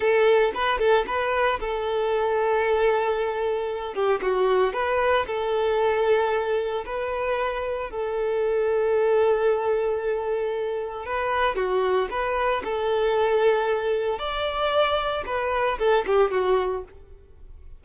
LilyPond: \new Staff \with { instrumentName = "violin" } { \time 4/4 \tempo 4 = 114 a'4 b'8 a'8 b'4 a'4~ | a'2.~ a'8 g'8 | fis'4 b'4 a'2~ | a'4 b'2 a'4~ |
a'1~ | a'4 b'4 fis'4 b'4 | a'2. d''4~ | d''4 b'4 a'8 g'8 fis'4 | }